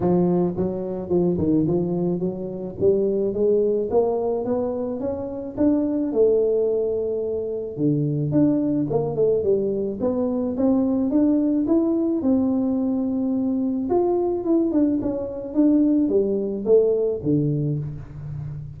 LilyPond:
\new Staff \with { instrumentName = "tuba" } { \time 4/4 \tempo 4 = 108 f4 fis4 f8 dis8 f4 | fis4 g4 gis4 ais4 | b4 cis'4 d'4 a4~ | a2 d4 d'4 |
ais8 a8 g4 b4 c'4 | d'4 e'4 c'2~ | c'4 f'4 e'8 d'8 cis'4 | d'4 g4 a4 d4 | }